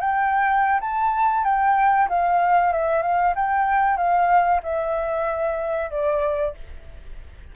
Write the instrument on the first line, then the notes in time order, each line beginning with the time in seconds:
flute
0.00 G5
0.80 A5
1.44 G5
2.09 F5
2.72 E5
3.02 F5
3.35 G5
3.97 F5
4.62 E5
5.90 D5